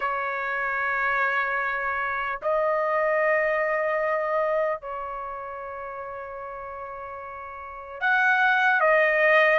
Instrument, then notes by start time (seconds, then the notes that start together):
trumpet
0.00 C#5
2.42 D#5
4.81 C#5
8.00 F#5
8.80 D#5